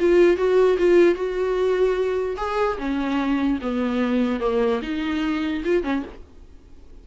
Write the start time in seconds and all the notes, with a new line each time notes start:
0.00 F4
0.37 F#4
0.79 F4
1.15 F#4
2.38 G#4
2.78 C#4
3.62 B3
4.41 A#3
4.83 D#4
5.65 F4
5.84 C#4